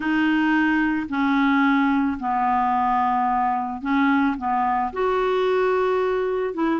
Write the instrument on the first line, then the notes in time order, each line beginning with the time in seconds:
clarinet
0.00 D#4
1.09 C#4
2.19 B3
3.81 C#4
4.37 B3
4.92 F#4
6.54 E4